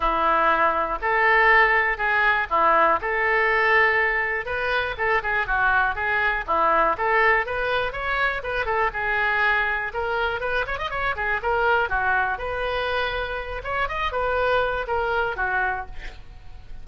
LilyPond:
\new Staff \with { instrumentName = "oboe" } { \time 4/4 \tempo 4 = 121 e'2 a'2 | gis'4 e'4 a'2~ | a'4 b'4 a'8 gis'8 fis'4 | gis'4 e'4 a'4 b'4 |
cis''4 b'8 a'8 gis'2 | ais'4 b'8 cis''16 dis''16 cis''8 gis'8 ais'4 | fis'4 b'2~ b'8 cis''8 | dis''8 b'4. ais'4 fis'4 | }